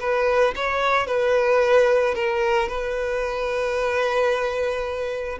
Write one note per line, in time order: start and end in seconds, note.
0.00 0.54 B4
0.55 1.07 C#5
1.07 2.15 B4
2.15 2.68 A#4
2.68 5.39 B4